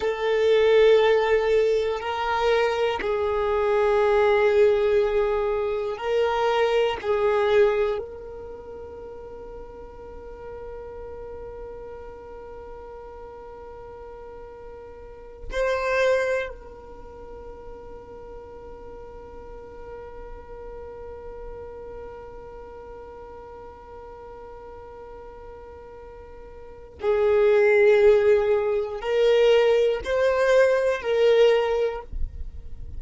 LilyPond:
\new Staff \with { instrumentName = "violin" } { \time 4/4 \tempo 4 = 60 a'2 ais'4 gis'4~ | gis'2 ais'4 gis'4 | ais'1~ | ais'2.~ ais'8 c''8~ |
c''8 ais'2.~ ais'8~ | ais'1~ | ais'2. gis'4~ | gis'4 ais'4 c''4 ais'4 | }